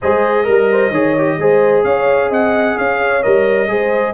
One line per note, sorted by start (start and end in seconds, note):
0.01 0.47 G#3
0.01 0.44 G#4
0.01 0.47 C5
0.01 1.83 D#5
0.44 0.91 G3
0.44 0.90 A#4
0.44 0.71 A#4
0.71 0.91 C5
0.91 1.37 D#3
0.91 1.16 G#4
0.91 1.37 C#5
1.17 1.40 G4
1.39 1.84 G#3
1.39 3.22 G#4
1.39 1.84 C5
1.83 2.29 C#4
1.83 2.29 C#5
1.83 2.30 F5
2.29 2.75 C4
2.29 2.75 D#5
2.29 2.78 F#5
2.77 3.24 C#4
2.77 3.69 C#5
2.77 3.22 F5
3.22 3.68 G3
3.22 3.68 A#4
3.22 4.13 D#5
3.68 4.13 G#3
3.68 4.13 G#4
3.68 4.13 C5